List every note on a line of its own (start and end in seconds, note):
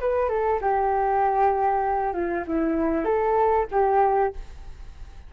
0.00 0.29 B4
0.29 0.60 A4
0.61 2.13 G4
2.13 2.44 F4
2.47 3.05 E4
3.05 3.67 A4
3.71 4.33 G4